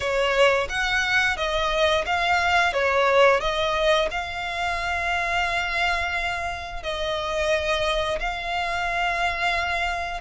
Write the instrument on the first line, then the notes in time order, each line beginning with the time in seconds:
violin
0.00 C#5
0.69 F#5
1.36 D#5
2.06 F5
2.73 C#5
3.40 D#5
4.11 F5
6.82 D#5
8.19 F5